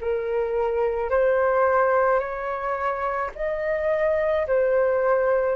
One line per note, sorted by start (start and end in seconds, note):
0.00 1.10 A#4
1.10 2.19 C5
2.19 3.30 C#5
3.35 4.46 D#5
4.46 5.56 C5